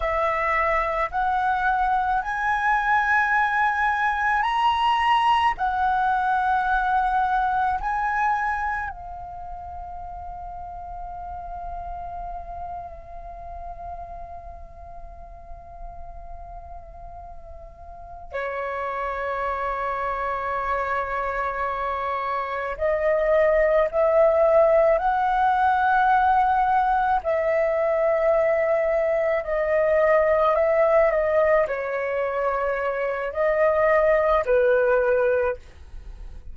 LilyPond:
\new Staff \with { instrumentName = "flute" } { \time 4/4 \tempo 4 = 54 e''4 fis''4 gis''2 | ais''4 fis''2 gis''4 | f''1~ | f''1~ |
f''8 cis''2.~ cis''8~ | cis''8 dis''4 e''4 fis''4.~ | fis''8 e''2 dis''4 e''8 | dis''8 cis''4. dis''4 b'4 | }